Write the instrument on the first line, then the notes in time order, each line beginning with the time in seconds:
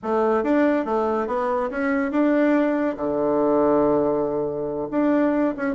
bassoon
0.02 A3
0.43 D4
0.85 A3
1.27 B3
1.70 C#4
2.11 D4
2.96 D3
4.90 D4
5.56 C#4